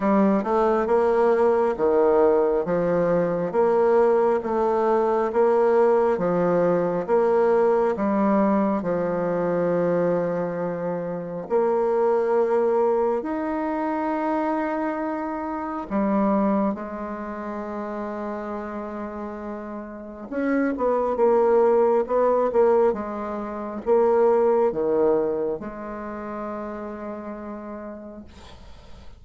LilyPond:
\new Staff \with { instrumentName = "bassoon" } { \time 4/4 \tempo 4 = 68 g8 a8 ais4 dis4 f4 | ais4 a4 ais4 f4 | ais4 g4 f2~ | f4 ais2 dis'4~ |
dis'2 g4 gis4~ | gis2. cis'8 b8 | ais4 b8 ais8 gis4 ais4 | dis4 gis2. | }